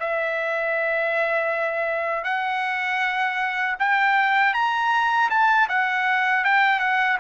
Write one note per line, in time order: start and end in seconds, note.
0.00 2.24 E5
2.24 3.76 F#5
3.79 4.54 G5
4.54 5.30 A#5
5.30 5.68 A5
5.69 6.45 F#5
6.45 6.80 G5
6.80 7.18 F#5